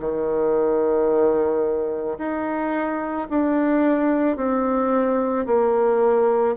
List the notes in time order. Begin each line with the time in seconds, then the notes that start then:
0.00 D#3
2.19 D#4
3.30 D4
4.37 C4
5.46 A#3